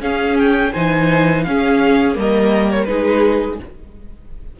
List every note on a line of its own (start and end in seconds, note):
0.00 0.71 C#4
0.00 0.74 C#4
0.00 0.72 G#4
0.00 0.37 F5
0.38 0.73 G5
0.72 1.47 E3
0.72 1.45 D#4
0.72 1.44 C5
0.72 1.43 G#5
1.43 2.16 C#4
1.43 2.14 C#4
1.43 2.19 G#4
1.43 2.14 F5
2.14 2.87 G3
2.14 2.85 A#3
2.14 2.88 A#4
2.14 2.70 D#5
2.70 2.84 C#5
2.84 3.59 G#3
2.84 3.58 D#4
2.84 3.59 G#4
2.84 3.55 B4